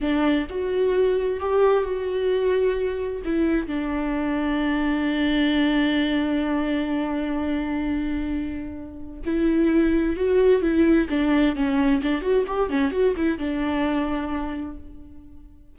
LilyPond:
\new Staff \with { instrumentName = "viola" } { \time 4/4 \tempo 4 = 130 d'4 fis'2 g'4 | fis'2. e'4 | d'1~ | d'1~ |
d'1 | e'2 fis'4 e'4 | d'4 cis'4 d'8 fis'8 g'8 cis'8 | fis'8 e'8 d'2. | }